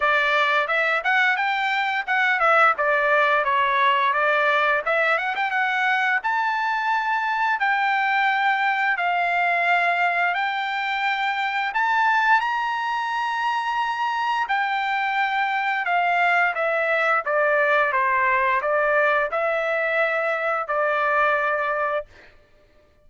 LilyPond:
\new Staff \with { instrumentName = "trumpet" } { \time 4/4 \tempo 4 = 87 d''4 e''8 fis''8 g''4 fis''8 e''8 | d''4 cis''4 d''4 e''8 fis''16 g''16 | fis''4 a''2 g''4~ | g''4 f''2 g''4~ |
g''4 a''4 ais''2~ | ais''4 g''2 f''4 | e''4 d''4 c''4 d''4 | e''2 d''2 | }